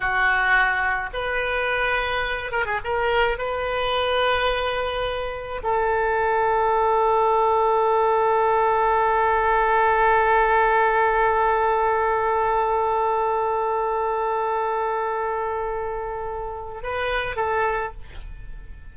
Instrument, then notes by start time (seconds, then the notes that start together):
oboe
0.00 F#4
1.13 B4
2.51 A#4
2.65 G#4
2.83 A#4
3.38 B4
5.63 A4
16.82 B4
17.36 A4